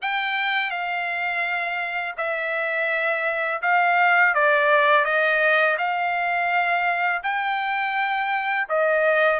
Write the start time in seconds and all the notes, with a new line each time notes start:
0.02 G5
0.70 F5
2.17 E5
3.61 F5
4.34 D5
5.04 D#5
5.78 F5
7.23 G5
8.68 D#5